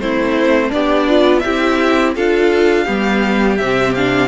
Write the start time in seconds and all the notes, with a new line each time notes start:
0.00 A3 C4 E4 C5
0.68 B3 D4 G4 D5
1.08 F4
1.39 E4 G4 E5
1.45 C4
2.15 D4 F4 A4 F5
2.84 G3 B3 G4
3.57 C3 C4 E5
3.95 D4 F5